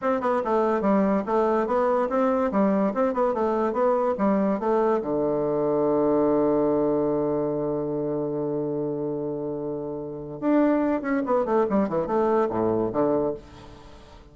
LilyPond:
\new Staff \with { instrumentName = "bassoon" } { \time 4/4 \tempo 4 = 144 c'8 b8 a4 g4 a4 | b4 c'4 g4 c'8 b8 | a4 b4 g4 a4 | d1~ |
d1~ | d1~ | d4 d'4. cis'8 b8 a8 | g8 e8 a4 a,4 d4 | }